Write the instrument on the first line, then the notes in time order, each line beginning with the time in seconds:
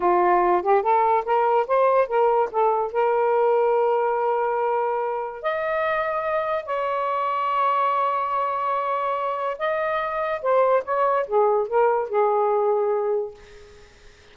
saxophone
0.00 F4
0.62 G4
0.82 A4
1.25 A#4
1.67 C5
2.07 A#4
2.51 A4
2.92 A#4
5.42 D#5
6.65 C#5
9.58 D#5
10.41 C5
10.84 C#5
11.26 G#4
11.67 A#4
12.09 G#4